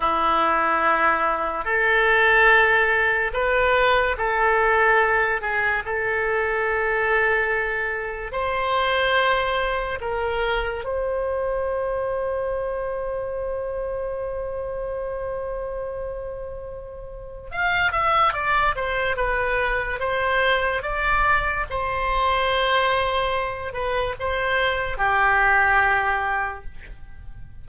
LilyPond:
\new Staff \with { instrumentName = "oboe" } { \time 4/4 \tempo 4 = 72 e'2 a'2 | b'4 a'4. gis'8 a'4~ | a'2 c''2 | ais'4 c''2.~ |
c''1~ | c''4 f''8 e''8 d''8 c''8 b'4 | c''4 d''4 c''2~ | c''8 b'8 c''4 g'2 | }